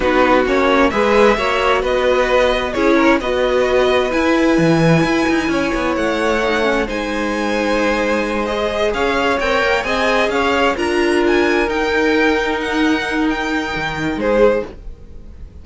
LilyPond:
<<
  \new Staff \with { instrumentName = "violin" } { \time 4/4 \tempo 4 = 131 b'4 cis''4 e''2 | dis''2 cis''4 dis''4~ | dis''4 gis''2.~ | gis''4 fis''2 gis''4~ |
gis''2~ gis''8 dis''4 f''8~ | f''8 g''4 gis''4 f''4 ais''8~ | ais''8 gis''4 g''2 fis''8~ | fis''4 g''2 c''4 | }
  \new Staff \with { instrumentName = "violin" } { \time 4/4 fis'2 b'4 cis''4 | b'2 gis'8 ais'8 b'4~ | b'1 | cis''2. c''4~ |
c''2.~ c''8 cis''8~ | cis''4. dis''4 cis''4 ais'8~ | ais'1~ | ais'2. gis'4 | }
  \new Staff \with { instrumentName = "viola" } { \time 4/4 dis'4 cis'4 gis'4 fis'4~ | fis'2 e'4 fis'4~ | fis'4 e'2.~ | e'2 dis'8 cis'8 dis'4~ |
dis'2~ dis'8 gis'4.~ | gis'8 ais'4 gis'2 f'8~ | f'4. dis'2~ dis'8~ | dis'1 | }
  \new Staff \with { instrumentName = "cello" } { \time 4/4 b4 ais4 gis4 ais4 | b2 cis'4 b4~ | b4 e'4 e4 e'8 dis'8 | cis'8 b8 a2 gis4~ |
gis2.~ gis8 cis'8~ | cis'8 c'8 ais8 c'4 cis'4 d'8~ | d'4. dis'2~ dis'8~ | dis'2 dis4 gis4 | }
>>